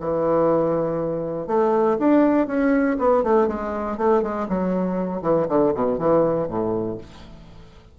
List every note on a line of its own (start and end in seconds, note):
0.00 1.47 E3
1.47 1.97 A3
1.99 2.47 D4
2.47 2.97 C#4
2.99 3.24 B3
3.24 3.47 A3
3.47 3.97 G#3
3.97 4.22 A3
4.22 4.47 G#3
4.49 5.22 F#3
5.22 5.47 E3
5.48 5.73 D3
5.74 5.98 B2
5.98 6.48 E3
6.48 6.98 A2